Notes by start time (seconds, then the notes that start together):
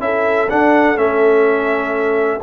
0.00 C#4 E4 A4 E5
0.50 D4 F#5
0.96 A3 C#4 E5